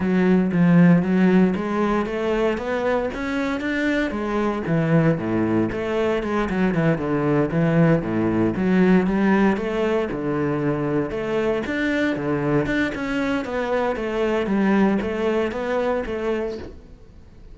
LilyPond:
\new Staff \with { instrumentName = "cello" } { \time 4/4 \tempo 4 = 116 fis4 f4 fis4 gis4 | a4 b4 cis'4 d'4 | gis4 e4 a,4 a4 | gis8 fis8 e8 d4 e4 a,8~ |
a,8 fis4 g4 a4 d8~ | d4. a4 d'4 d8~ | d8 d'8 cis'4 b4 a4 | g4 a4 b4 a4 | }